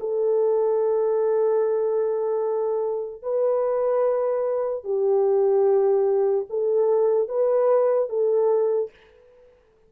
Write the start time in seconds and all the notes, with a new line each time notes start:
0.00 A4
3.22 B4
4.84 G4
6.50 A4
7.29 B4
8.09 A4